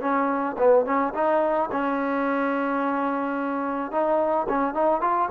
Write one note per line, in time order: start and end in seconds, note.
0.00 0.56 C#4
0.58 0.85 B3
0.85 1.13 C#4
1.14 1.69 D#4
1.71 3.91 C#4
3.91 4.46 D#4
4.48 4.74 C#4
4.74 5.01 D#4
5.01 5.29 F4